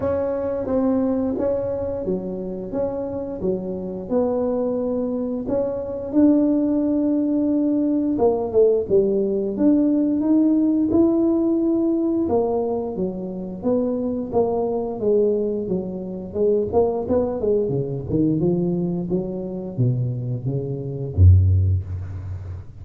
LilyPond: \new Staff \with { instrumentName = "tuba" } { \time 4/4 \tempo 4 = 88 cis'4 c'4 cis'4 fis4 | cis'4 fis4 b2 | cis'4 d'2. | ais8 a8 g4 d'4 dis'4 |
e'2 ais4 fis4 | b4 ais4 gis4 fis4 | gis8 ais8 b8 gis8 cis8 dis8 f4 | fis4 b,4 cis4 fis,4 | }